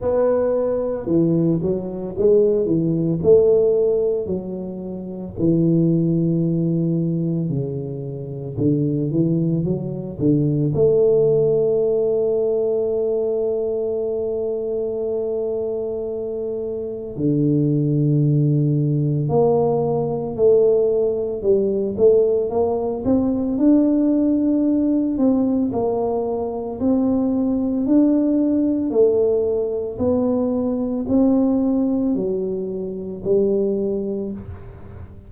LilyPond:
\new Staff \with { instrumentName = "tuba" } { \time 4/4 \tempo 4 = 56 b4 e8 fis8 gis8 e8 a4 | fis4 e2 cis4 | d8 e8 fis8 d8 a2~ | a1 |
d2 ais4 a4 | g8 a8 ais8 c'8 d'4. c'8 | ais4 c'4 d'4 a4 | b4 c'4 fis4 g4 | }